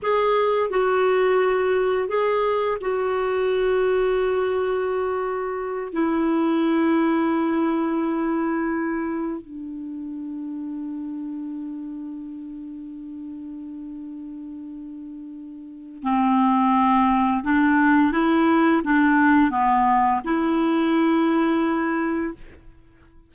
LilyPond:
\new Staff \with { instrumentName = "clarinet" } { \time 4/4 \tempo 4 = 86 gis'4 fis'2 gis'4 | fis'1~ | fis'8 e'2.~ e'8~ | e'4. d'2~ d'8~ |
d'1~ | d'2. c'4~ | c'4 d'4 e'4 d'4 | b4 e'2. | }